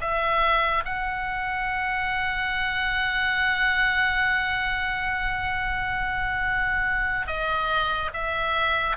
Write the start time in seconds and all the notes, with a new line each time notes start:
0.00 E5
0.84 F#5
7.27 D#5
8.13 E5